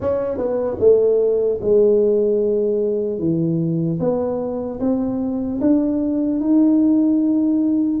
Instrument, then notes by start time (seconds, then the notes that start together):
tuba
0.00 C#4
0.37 B3
0.79 A3
1.61 G#3
3.18 E3
3.99 B3
4.80 C4
5.60 D4
6.40 D#4